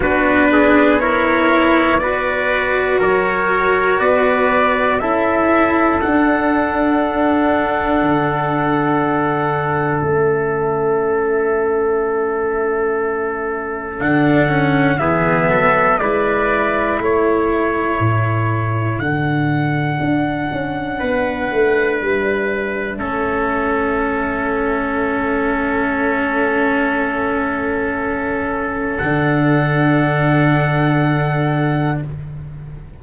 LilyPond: <<
  \new Staff \with { instrumentName = "trumpet" } { \time 4/4 \tempo 4 = 60 b'4 cis''4 d''4 cis''4 | d''4 e''4 fis''2~ | fis''2 e''2~ | e''2 fis''4 e''4 |
d''4 cis''2 fis''4~ | fis''2 e''2~ | e''1~ | e''4 fis''2. | }
  \new Staff \with { instrumentName = "trumpet" } { \time 4/4 fis'8 gis'8 ais'4 b'4 ais'4 | b'4 a'2.~ | a'1~ | a'2. gis'8 a'8 |
b'4 a'2.~ | a'4 b'2 a'4~ | a'1~ | a'1 | }
  \new Staff \with { instrumentName = "cello" } { \time 4/4 d'4 e'4 fis'2~ | fis'4 e'4 d'2~ | d'2 cis'2~ | cis'2 d'8 cis'8 b4 |
e'2. d'4~ | d'2. cis'4~ | cis'1~ | cis'4 d'2. | }
  \new Staff \with { instrumentName = "tuba" } { \time 4/4 b2. fis4 | b4 cis'4 d'2 | d2 a2~ | a2 d4 e8 fis8 |
gis4 a4 a,4 d4 | d'8 cis'8 b8 a8 g4 a4~ | a1~ | a4 d2. | }
>>